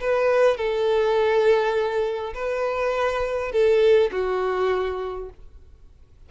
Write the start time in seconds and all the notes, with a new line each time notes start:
0.00 B4
0.57 A4
2.34 B4
3.51 A4
4.11 F#4